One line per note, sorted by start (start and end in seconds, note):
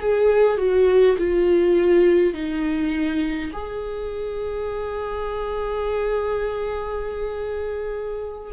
0.00 0.58 G#4
0.58 1.17 F#4
1.18 2.34 F4
2.34 3.51 D#4
3.53 8.53 G#4